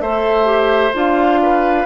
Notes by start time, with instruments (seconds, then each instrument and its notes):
0.00 bassoon A3, clarinet A4, oboe C5, flute E5
0.45 clarinet G4
0.94 bassoon D4, clarinet F4, flute F5
1.42 oboe B4